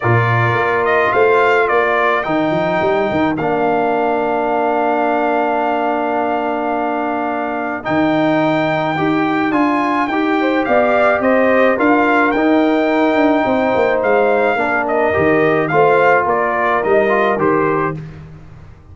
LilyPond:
<<
  \new Staff \with { instrumentName = "trumpet" } { \time 4/4 \tempo 4 = 107 d''4. dis''8 f''4 d''4 | g''2 f''2~ | f''1~ | f''2 g''2~ |
g''4 gis''4 g''4 f''4 | dis''4 f''4 g''2~ | g''4 f''4. dis''4. | f''4 d''4 dis''4 c''4 | }
  \new Staff \with { instrumentName = "horn" } { \time 4/4 ais'2 c''4 ais'4~ | ais'1~ | ais'1~ | ais'1~ |
ais'2~ ais'8 c''8 d''4 | c''4 ais'2. | c''2 ais'2 | c''4 ais'2. | }
  \new Staff \with { instrumentName = "trombone" } { \time 4/4 f'1 | dis'2 d'2~ | d'1~ | d'2 dis'2 |
g'4 f'4 g'2~ | g'4 f'4 dis'2~ | dis'2 d'4 g'4 | f'2 dis'8 f'8 g'4 | }
  \new Staff \with { instrumentName = "tuba" } { \time 4/4 ais,4 ais4 a4 ais4 | dis8 f8 g8 dis8 ais2~ | ais1~ | ais2 dis2 |
dis'4 d'4 dis'4 b4 | c'4 d'4 dis'4. d'8 | c'8 ais8 gis4 ais4 dis4 | a4 ais4 g4 dis4 | }
>>